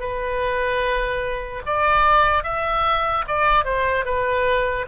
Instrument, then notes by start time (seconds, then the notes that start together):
oboe
0.00 B4
1.66 D5
2.44 E5
3.28 D5
3.65 C5
4.05 B4